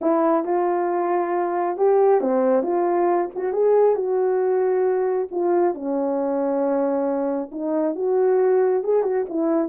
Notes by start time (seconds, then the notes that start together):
0.01 E4
0.45 F4
1.77 G4
2.20 C4
2.62 F4
3.35 F#4
3.53 G#4
3.95 F#4
5.31 F4
5.74 C#4
7.51 D#4
7.95 F#4
8.83 G#4
9.03 F#4
9.29 E4